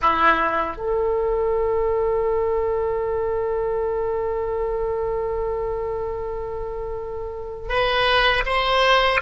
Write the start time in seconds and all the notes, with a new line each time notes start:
0.01 E4
0.77 A4
7.68 B4
8.45 C5